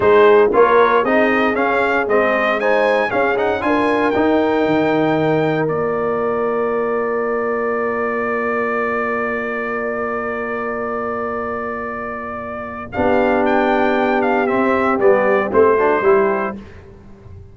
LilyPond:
<<
  \new Staff \with { instrumentName = "trumpet" } { \time 4/4 \tempo 4 = 116 c''4 cis''4 dis''4 f''4 | dis''4 gis''4 f''8 fis''8 gis''4 | g''2. d''4~ | d''1~ |
d''1~ | d''1~ | d''4 f''4 g''4. f''8 | e''4 d''4 c''2 | }
  \new Staff \with { instrumentName = "horn" } { \time 4/4 gis'4 ais'4 gis'2~ | gis'4 c''4 gis'4 ais'4~ | ais'1~ | ais'1~ |
ais'1~ | ais'1~ | ais'4 g'2.~ | g'2~ g'8 fis'8 g'4 | }
  \new Staff \with { instrumentName = "trombone" } { \time 4/4 dis'4 f'4 dis'4 cis'4 | c'4 dis'4 cis'8 dis'8 f'4 | dis'2. f'4~ | f'1~ |
f'1~ | f'1~ | f'4 d'2. | c'4 b4 c'8 d'8 e'4 | }
  \new Staff \with { instrumentName = "tuba" } { \time 4/4 gis4 ais4 c'4 cis'4 | gis2 cis'4 d'4 | dis'4 dis2 ais4~ | ais1~ |
ais1~ | ais1~ | ais4 b2. | c'4 g4 a4 g4 | }
>>